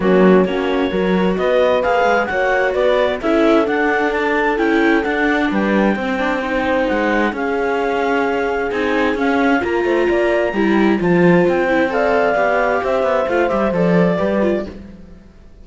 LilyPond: <<
  \new Staff \with { instrumentName = "clarinet" } { \time 4/4 \tempo 4 = 131 fis'4 cis''2 dis''4 | f''4 fis''4 d''4 e''4 | fis''4 a''4 g''4 fis''4 | g''2. fis''4 |
f''2. gis''4 | f''4 ais''2. | a''4 g''4 f''2 | e''4 f''8 e''8 d''2 | }
  \new Staff \with { instrumentName = "horn" } { \time 4/4 cis'4 fis'4 ais'4 b'4~ | b'4 cis''4 b'4 a'4~ | a'1 | b'4 c''2. |
gis'1~ | gis'4 ais'8 c''8 d''4 g'4 | c''2 d''2 | c''2. b'4 | }
  \new Staff \with { instrumentName = "viola" } { \time 4/4 ais4 cis'4 fis'2 | gis'4 fis'2 e'4 | d'2 e'4 d'4~ | d'4 c'8 d'8 dis'2 |
cis'2. dis'4 | cis'4 f'2 e'4 | f'4. e'8 a'4 g'4~ | g'4 f'8 g'8 a'4 g'8 f'8 | }
  \new Staff \with { instrumentName = "cello" } { \time 4/4 fis4 ais4 fis4 b4 | ais8 gis8 ais4 b4 cis'4 | d'2 cis'4 d'4 | g4 c'2 gis4 |
cis'2. c'4 | cis'4 ais8 a8 ais4 g4 | f4 c'2 b4 | c'8 b8 a8 g8 f4 g4 | }
>>